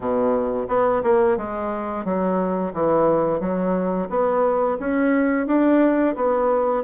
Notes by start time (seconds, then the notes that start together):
0.00 B2
0.68 B3
1.03 A#3
1.37 G#3
2.05 F#3
2.73 E3
3.39 F#3
4.09 B3
4.79 C#4
5.46 D4
6.15 B3